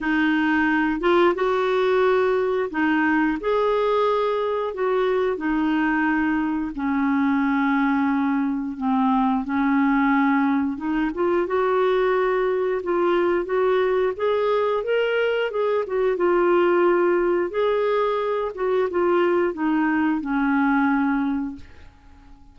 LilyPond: \new Staff \with { instrumentName = "clarinet" } { \time 4/4 \tempo 4 = 89 dis'4. f'8 fis'2 | dis'4 gis'2 fis'4 | dis'2 cis'2~ | cis'4 c'4 cis'2 |
dis'8 f'8 fis'2 f'4 | fis'4 gis'4 ais'4 gis'8 fis'8 | f'2 gis'4. fis'8 | f'4 dis'4 cis'2 | }